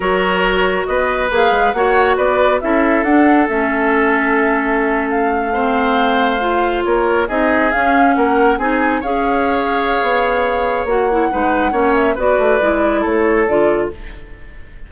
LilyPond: <<
  \new Staff \with { instrumentName = "flute" } { \time 4/4 \tempo 4 = 138 cis''2 dis''4 f''4 | fis''4 d''4 e''4 fis''4 | e''2.~ e''8. f''16~ | f''2.~ f''8. cis''16~ |
cis''8. dis''4 f''4 fis''4 gis''16~ | gis''8. f''2.~ f''16~ | f''4 fis''2~ fis''8 e''8 | d''2 cis''4 d''4 | }
  \new Staff \with { instrumentName = "oboe" } { \time 4/4 ais'2 b'2 | cis''4 b'4 a'2~ | a'1~ | a'8. c''2. ais'16~ |
ais'8. gis'2 ais'4 gis'16~ | gis'8. cis''2.~ cis''16~ | cis''2 b'4 cis''4 | b'2 a'2 | }
  \new Staff \with { instrumentName = "clarinet" } { \time 4/4 fis'2. gis'4 | fis'2 e'4 d'4 | cis'1~ | cis'8. c'2 f'4~ f'16~ |
f'8. dis'4 cis'2 dis'16~ | dis'8. gis'2.~ gis'16~ | gis'4 fis'8 e'8 dis'4 cis'4 | fis'4 e'2 f'4 | }
  \new Staff \with { instrumentName = "bassoon" } { \time 4/4 fis2 b4 ais8 gis8 | ais4 b4 cis'4 d'4 | a1~ | a2.~ a8. ais16~ |
ais8. c'4 cis'4 ais4 c'16~ | c'8. cis'2~ cis'16 b4~ | b4 ais4 gis4 ais4 | b8 a8 gis4 a4 d4 | }
>>